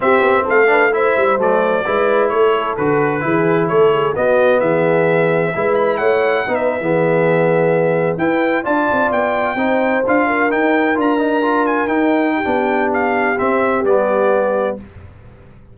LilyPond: <<
  \new Staff \with { instrumentName = "trumpet" } { \time 4/4 \tempo 4 = 130 e''4 f''4 e''4 d''4~ | d''4 cis''4 b'2 | cis''4 dis''4 e''2~ | e''8 b''8 fis''4~ fis''16 e''4.~ e''16~ |
e''4.~ e''16 g''4 a''4 g''16~ | g''4.~ g''16 f''4 g''4 ais''16~ | ais''4~ ais''16 gis''8 g''2~ g''16 | f''4 e''4 d''2 | }
  \new Staff \with { instrumentName = "horn" } { \time 4/4 g'4 a'8 b'8 c''2 | b'4 a'2 gis'4 | a'8 gis'8 fis'4 gis'2 | b'4 cis''4 b'8. gis'4~ gis'16~ |
gis'4.~ gis'16 b'4 d''4~ d''16~ | d''8. c''4. ais'4.~ ais'16~ | ais'2~ ais'8. g'4~ g'16~ | g'1 | }
  \new Staff \with { instrumentName = "trombone" } { \time 4/4 c'4. d'8 e'4 a4 | e'2 fis'4 e'4~ | e'4 b2. | e'2 dis'8. b4~ b16~ |
b4.~ b16 e'4 f'4~ f'16~ | f'8. dis'4 f'4 dis'4 f'16~ | f'16 dis'8 f'4 dis'4~ dis'16 d'4~ | d'4 c'4 b2 | }
  \new Staff \with { instrumentName = "tuba" } { \time 4/4 c'8 b8 a4. g8 fis4 | gis4 a4 d4 e4 | a4 b4 e2 | gis4 a4 b8. e4~ e16~ |
e4.~ e16 e'4 d'8 c'8 b16~ | b8. c'4 d'4 dis'4 d'16~ | d'4.~ d'16 dis'4~ dis'16 b4~ | b4 c'4 g2 | }
>>